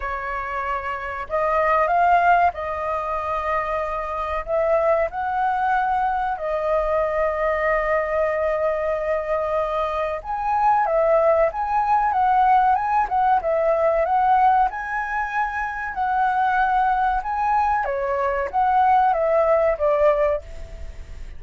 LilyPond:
\new Staff \with { instrumentName = "flute" } { \time 4/4 \tempo 4 = 94 cis''2 dis''4 f''4 | dis''2. e''4 | fis''2 dis''2~ | dis''1 |
gis''4 e''4 gis''4 fis''4 | gis''8 fis''8 e''4 fis''4 gis''4~ | gis''4 fis''2 gis''4 | cis''4 fis''4 e''4 d''4 | }